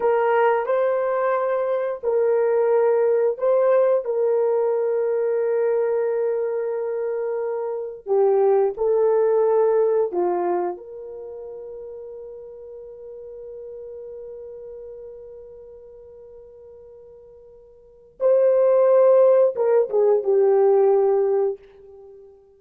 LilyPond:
\new Staff \with { instrumentName = "horn" } { \time 4/4 \tempo 4 = 89 ais'4 c''2 ais'4~ | ais'4 c''4 ais'2~ | ais'1 | g'4 a'2 f'4 |
ais'1~ | ais'1~ | ais'2. c''4~ | c''4 ais'8 gis'8 g'2 | }